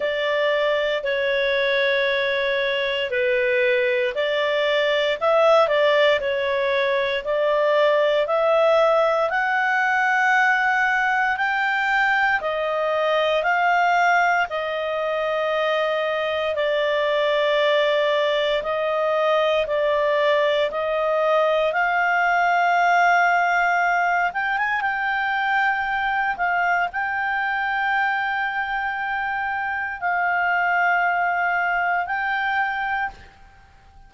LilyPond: \new Staff \with { instrumentName = "clarinet" } { \time 4/4 \tempo 4 = 58 d''4 cis''2 b'4 | d''4 e''8 d''8 cis''4 d''4 | e''4 fis''2 g''4 | dis''4 f''4 dis''2 |
d''2 dis''4 d''4 | dis''4 f''2~ f''8 g''16 gis''16 | g''4. f''8 g''2~ | g''4 f''2 g''4 | }